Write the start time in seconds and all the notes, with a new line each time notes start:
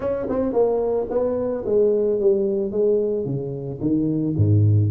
0.00 C#4
0.29 C4
0.52 A#3
1.09 B3
1.65 G#3
2.19 G3
2.71 G#3
3.25 C#3
3.80 D#3
4.36 G#2